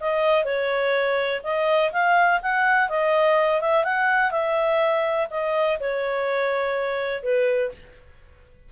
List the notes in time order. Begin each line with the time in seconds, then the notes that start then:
0.00 D#5
0.44 C#5
1.43 D#5
1.92 F5
2.42 F#5
2.89 D#5
3.61 E5
3.84 F#5
4.31 E5
5.30 D#5
5.80 C#5
7.23 B4